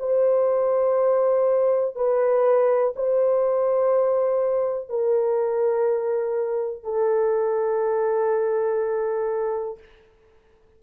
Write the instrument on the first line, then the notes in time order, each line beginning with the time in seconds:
horn
0.00 C5
1.96 B4
2.96 C5
4.90 A#4
6.84 A4